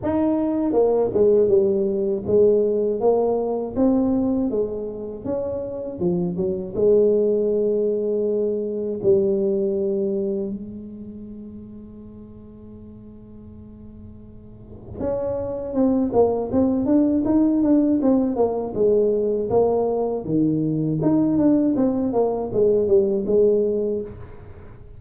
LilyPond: \new Staff \with { instrumentName = "tuba" } { \time 4/4 \tempo 4 = 80 dis'4 ais8 gis8 g4 gis4 | ais4 c'4 gis4 cis'4 | f8 fis8 gis2. | g2 gis2~ |
gis1 | cis'4 c'8 ais8 c'8 d'8 dis'8 d'8 | c'8 ais8 gis4 ais4 dis4 | dis'8 d'8 c'8 ais8 gis8 g8 gis4 | }